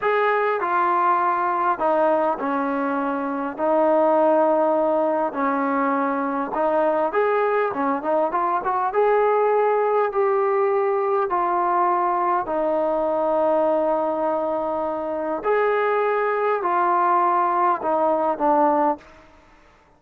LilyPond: \new Staff \with { instrumentName = "trombone" } { \time 4/4 \tempo 4 = 101 gis'4 f'2 dis'4 | cis'2 dis'2~ | dis'4 cis'2 dis'4 | gis'4 cis'8 dis'8 f'8 fis'8 gis'4~ |
gis'4 g'2 f'4~ | f'4 dis'2.~ | dis'2 gis'2 | f'2 dis'4 d'4 | }